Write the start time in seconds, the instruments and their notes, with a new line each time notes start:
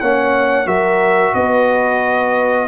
0.00 tuba A#3, trombone C#4, horn C#5, trumpet F#5
0.66 tuba F#3, trombone F#4, horn A#4, trumpet E5
1.34 tuba B3, horn B4, trumpet D#5